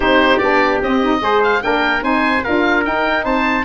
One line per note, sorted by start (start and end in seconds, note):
0.00 0.40 C4
0.00 0.40 D#4
0.00 1.20 G4
0.00 0.37 C5
0.37 0.81 B3
0.37 0.82 D4
0.37 0.78 D5
0.82 1.21 C4
0.82 1.03 C4
0.82 1.43 D#5
1.03 1.20 D#4
1.20 1.61 G#3
1.20 1.61 G#4
1.20 1.62 C5
1.43 1.62 F5
1.61 2.02 A#3
1.61 2.01 D4
1.61 2.04 A#4
1.61 2.03 G5
2.01 2.42 C4
2.01 2.41 D#4
2.01 2.44 C5
2.01 2.43 G#5
2.43 2.86 D4
2.43 2.84 F4
2.43 3.24 A#4
2.43 2.84 F5
2.84 3.64 D#4
2.84 3.24 D#4
2.84 3.24 G5
3.24 3.64 C4
3.24 3.64 C5
3.24 3.64 A5